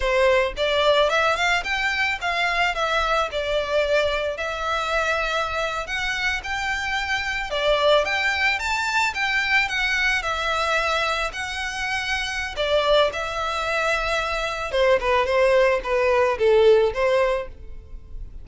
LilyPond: \new Staff \with { instrumentName = "violin" } { \time 4/4 \tempo 4 = 110 c''4 d''4 e''8 f''8 g''4 | f''4 e''4 d''2 | e''2~ e''8. fis''4 g''16~ | g''4.~ g''16 d''4 g''4 a''16~ |
a''8. g''4 fis''4 e''4~ e''16~ | e''8. fis''2~ fis''16 d''4 | e''2. c''8 b'8 | c''4 b'4 a'4 c''4 | }